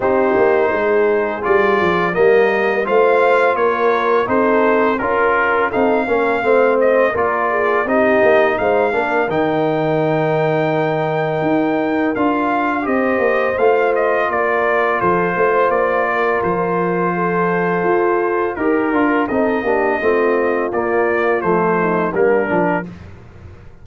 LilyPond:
<<
  \new Staff \with { instrumentName = "trumpet" } { \time 4/4 \tempo 4 = 84 c''2 d''4 dis''4 | f''4 cis''4 c''4 ais'4 | f''4. dis''8 d''4 dis''4 | f''4 g''2.~ |
g''4 f''4 dis''4 f''8 dis''8 | d''4 c''4 d''4 c''4~ | c''2 ais'4 dis''4~ | dis''4 d''4 c''4 ais'4 | }
  \new Staff \with { instrumentName = "horn" } { \time 4/4 g'4 gis'2 ais'4 | c''4 ais'4 a'4 ais'4 | a'8 ais'8 c''4 ais'8 gis'8 g'4 | c''8 ais'2.~ ais'8~ |
ais'2 c''2 | ais'4 a'8 c''4 ais'4. | a'2 ais'4 a'8 g'8 | f'2~ f'8 dis'8 d'4 | }
  \new Staff \with { instrumentName = "trombone" } { \time 4/4 dis'2 f'4 ais4 | f'2 dis'4 f'4 | dis'8 cis'8 c'4 f'4 dis'4~ | dis'8 d'8 dis'2.~ |
dis'4 f'4 g'4 f'4~ | f'1~ | f'2 g'8 f'8 dis'8 d'8 | c'4 ais4 a4 ais8 d'8 | }
  \new Staff \with { instrumentName = "tuba" } { \time 4/4 c'8 ais8 gis4 g8 f8 g4 | a4 ais4 c'4 cis'4 | c'8 ais8 a4 ais4 c'8 ais8 | gis8 ais8 dis2. |
dis'4 d'4 c'8 ais8 a4 | ais4 f8 a8 ais4 f4~ | f4 f'4 dis'8 d'8 c'8 ais8 | a4 ais4 f4 g8 f8 | }
>>